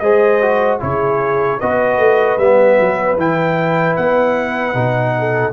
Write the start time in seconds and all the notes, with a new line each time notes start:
0.00 G#3 G#4 C5 D#5
0.42 F#4
0.80 C#3 E4 G#4 C#5
1.60 B3 F#4 B4 D#5
1.98 A3
2.38 G3 B3 E5
2.80 F#3
3.17 E3 E4 G5
3.96 B3 F#5
4.74 B2 D#4
5.19 A4